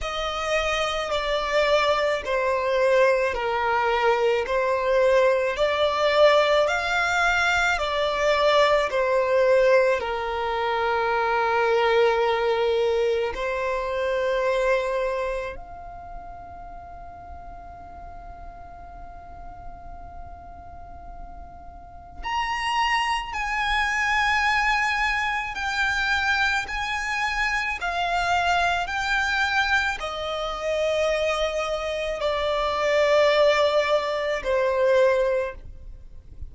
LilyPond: \new Staff \with { instrumentName = "violin" } { \time 4/4 \tempo 4 = 54 dis''4 d''4 c''4 ais'4 | c''4 d''4 f''4 d''4 | c''4 ais'2. | c''2 f''2~ |
f''1 | ais''4 gis''2 g''4 | gis''4 f''4 g''4 dis''4~ | dis''4 d''2 c''4 | }